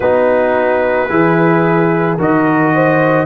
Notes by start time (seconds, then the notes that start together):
0.00 B3 D#4 F#4 B4
1.09 E3 E4 G#4
2.17 D#3 F#4 A#4 D#5
2.75 C5